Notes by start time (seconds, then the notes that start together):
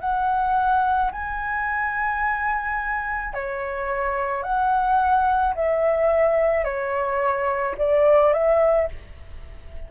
0.00 F#5
1.12 G#5
3.34 C#5
4.43 F#5
5.55 E5
6.64 C#5
7.78 D5
8.33 E5